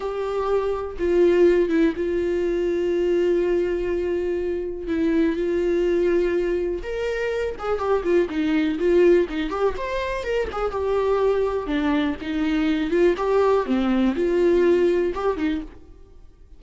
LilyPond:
\new Staff \with { instrumentName = "viola" } { \time 4/4 \tempo 4 = 123 g'2 f'4. e'8 | f'1~ | f'2 e'4 f'4~ | f'2 ais'4. gis'8 |
g'8 f'8 dis'4 f'4 dis'8 g'8 | c''4 ais'8 gis'8 g'2 | d'4 dis'4. f'8 g'4 | c'4 f'2 g'8 dis'8 | }